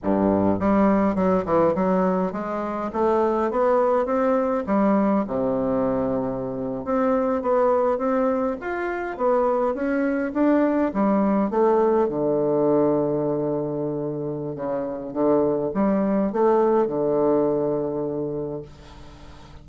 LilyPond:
\new Staff \with { instrumentName = "bassoon" } { \time 4/4 \tempo 4 = 103 g,4 g4 fis8 e8 fis4 | gis4 a4 b4 c'4 | g4 c2~ c8. c'16~ | c'8. b4 c'4 f'4 b16~ |
b8. cis'4 d'4 g4 a16~ | a8. d2.~ d16~ | d4 cis4 d4 g4 | a4 d2. | }